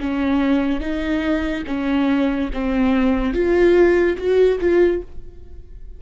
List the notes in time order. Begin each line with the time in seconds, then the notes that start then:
0.00 C#4
0.80 D#4
1.67 C#4
2.54 C4
3.34 F4
4.18 F#4
4.61 F4